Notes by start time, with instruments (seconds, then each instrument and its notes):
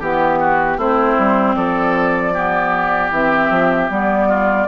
0.00 bassoon E3, clarinet B3, oboe G4, flute G4
0.40 oboe F#4
0.78 bassoon A3, clarinet C4, oboe E4, flute C5
1.19 bassoon G3
1.56 bassoon F3, oboe A4, flute D5
2.34 clarinet B3, oboe G4
3.11 bassoon E3, clarinet C4, flute E5
3.50 bassoon F3
3.90 bassoon G3, clarinet B3, flute D5
4.29 oboe F4